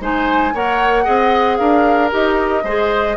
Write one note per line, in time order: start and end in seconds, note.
0.00 0.53 G#3
0.00 0.54 D#4
0.00 0.54 C5
0.00 0.55 G#5
0.54 1.07 A#3
0.54 1.04 A#4
0.54 1.04 C#5
0.54 1.57 F#5
1.04 1.60 C4
1.04 2.09 G#4
1.04 1.57 D#5
1.57 2.12 D4
1.57 2.64 A#4
1.57 2.09 F5
2.10 2.64 D#4
2.10 2.63 G4
2.10 3.17 D#5
2.64 3.16 G#3
2.64 3.17 G#4
2.64 3.16 C5